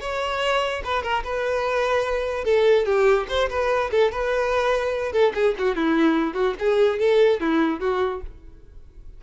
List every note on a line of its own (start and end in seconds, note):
0.00 0.82 C#5
0.84 1.02 B4
1.02 1.23 A#4
1.24 2.44 B4
2.44 2.85 A4
2.85 3.27 G4
3.28 3.49 C5
3.49 3.90 B4
3.91 4.11 A4
4.11 5.12 B4
5.12 5.33 A4
5.34 5.55 G#4
5.58 5.75 F#4
5.75 6.34 E4
6.34 6.54 F#4
6.59 6.99 G#4
6.99 7.40 A4
7.40 7.80 E4
7.80 8.21 F#4